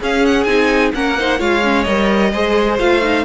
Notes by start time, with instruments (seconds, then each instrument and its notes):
0.00 viola C#4, cello C#4, violin G#4 F5
0.26 violin F#5
0.44 cello C4, viola D#4, violin G#5
0.94 cello A#3, viola C#4, violin A#4 F#5
1.19 viola D#4, violin C5
1.38 cello G#3, viola F4, violin C#5 F5
1.63 viola C#4
1.84 cello G3, viola A#4, violin D#5
2.32 cello G#3, viola G#4, violin C5
2.79 cello A3, viola F4, violin F5
3.02 viola D#4